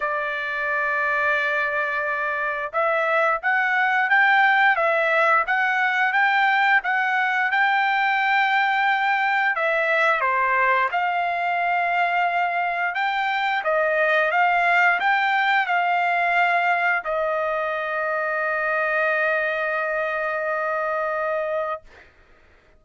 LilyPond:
\new Staff \with { instrumentName = "trumpet" } { \time 4/4 \tempo 4 = 88 d''1 | e''4 fis''4 g''4 e''4 | fis''4 g''4 fis''4 g''4~ | g''2 e''4 c''4 |
f''2. g''4 | dis''4 f''4 g''4 f''4~ | f''4 dis''2.~ | dis''1 | }